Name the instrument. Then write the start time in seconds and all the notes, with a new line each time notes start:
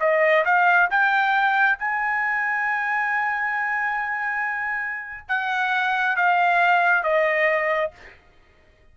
trumpet
0.00 D#5
0.45 F5
0.90 G5
1.78 G#5
5.28 F#5
6.16 F5
7.03 D#5